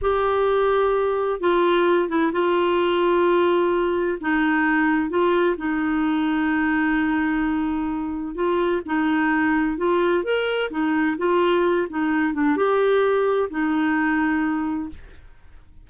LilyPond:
\new Staff \with { instrumentName = "clarinet" } { \time 4/4 \tempo 4 = 129 g'2. f'4~ | f'8 e'8 f'2.~ | f'4 dis'2 f'4 | dis'1~ |
dis'2 f'4 dis'4~ | dis'4 f'4 ais'4 dis'4 | f'4. dis'4 d'8 g'4~ | g'4 dis'2. | }